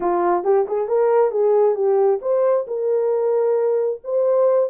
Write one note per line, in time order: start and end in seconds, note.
0.00 0.43 F4
0.43 0.66 G4
0.67 0.87 G#4
0.87 1.31 A#4
1.31 1.75 G#4
1.75 2.19 G4
2.21 2.65 C5
2.67 4.00 A#4
4.03 4.70 C5